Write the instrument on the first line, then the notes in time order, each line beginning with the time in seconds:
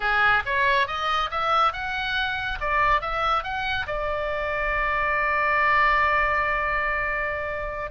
oboe
0.00 G#4
0.45 C#5
0.87 D#5
1.30 E5
1.73 F#5
2.60 D5
3.01 E5
3.43 F#5
3.86 D5